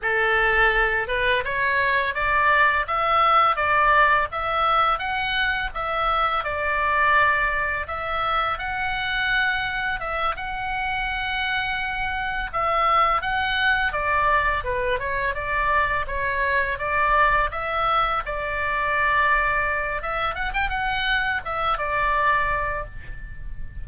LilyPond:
\new Staff \with { instrumentName = "oboe" } { \time 4/4 \tempo 4 = 84 a'4. b'8 cis''4 d''4 | e''4 d''4 e''4 fis''4 | e''4 d''2 e''4 | fis''2 e''8 fis''4.~ |
fis''4. e''4 fis''4 d''8~ | d''8 b'8 cis''8 d''4 cis''4 d''8~ | d''8 e''4 d''2~ d''8 | e''8 fis''16 g''16 fis''4 e''8 d''4. | }